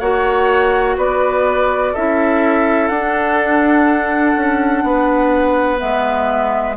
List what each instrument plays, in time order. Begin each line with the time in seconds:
0.00 bassoon A#3, clarinet F#4, oboe C#5, flute F#5
0.97 bassoon B3, oboe B4, flute D5
1.93 bassoon C#4, clarinet E4, oboe A4, flute E5
2.88 bassoon D4, clarinet D4, flute F#5
4.36 bassoon C#4
4.84 bassoon B3, oboe B4
5.77 bassoon G#3, clarinet B3, flute E5